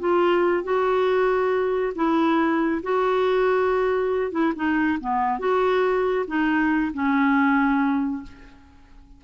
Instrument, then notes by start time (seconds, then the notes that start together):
clarinet
0.00 F4
0.64 F#4
1.96 E4
2.83 F#4
4.32 E4
4.56 D#4
5.01 B3
5.39 F#4
6.27 D#4
6.94 C#4